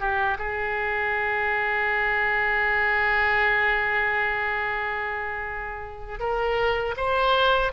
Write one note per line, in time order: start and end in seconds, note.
0.00 0.38 G4
0.38 6.19 G#4
6.19 6.94 A#4
6.97 7.72 C5